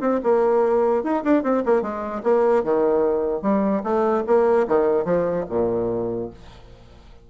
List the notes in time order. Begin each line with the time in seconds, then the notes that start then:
0.00 C4
0.23 A#3
1.03 D#4
1.24 D4
1.43 C4
1.65 A#3
1.82 G#3
2.23 A#3
2.63 D#3
3.42 G3
3.83 A3
4.26 A#3
4.67 D#3
5.05 F3
5.49 A#2